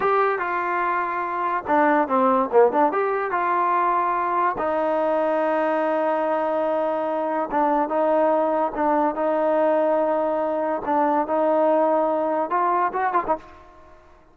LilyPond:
\new Staff \with { instrumentName = "trombone" } { \time 4/4 \tempo 4 = 144 g'4 f'2. | d'4 c'4 ais8 d'8 g'4 | f'2. dis'4~ | dis'1~ |
dis'2 d'4 dis'4~ | dis'4 d'4 dis'2~ | dis'2 d'4 dis'4~ | dis'2 f'4 fis'8 f'16 dis'16 | }